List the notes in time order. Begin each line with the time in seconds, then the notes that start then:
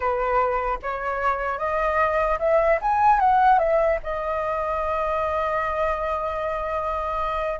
0.00 B4
0.82 C#5
1.58 D#5
2.39 E5
2.81 G#5
3.19 F#5
3.58 E5
4.03 D#5